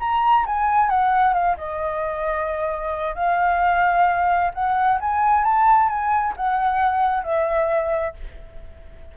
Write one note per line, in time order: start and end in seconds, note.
0.00 0.45 A#5
0.46 0.89 G#5
0.89 1.33 F#5
1.33 1.56 F5
1.57 3.15 D#5
3.15 4.51 F5
4.54 4.99 F#5
5.00 5.44 G#5
5.44 5.88 A5
5.88 6.34 G#5
6.37 7.23 F#5
7.23 8.14 E5